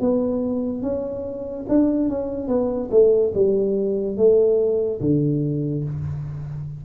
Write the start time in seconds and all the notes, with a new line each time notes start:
0.00 B3
0.82 C#4
1.68 D4
2.09 C#4
2.48 B3
2.91 A3
3.34 G3
4.17 A3
5.00 D3